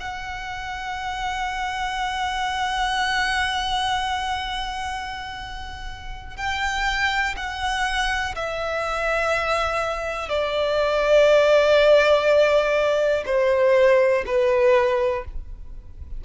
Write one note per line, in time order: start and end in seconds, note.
0.00 6.37 F#5
6.37 7.35 G5
7.37 8.35 F#5
8.36 10.29 E5
10.29 13.24 D5
13.26 14.24 C5
14.27 15.25 B4